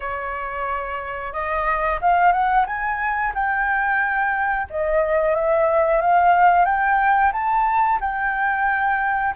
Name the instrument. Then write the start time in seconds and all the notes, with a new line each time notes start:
flute
0.00 C#5
1.32 D#5
2.01 F5
2.32 F#5
2.66 G#5
3.34 G5
4.69 D#5
5.35 E5
6.01 F5
6.65 G5
7.32 A5
8.00 G5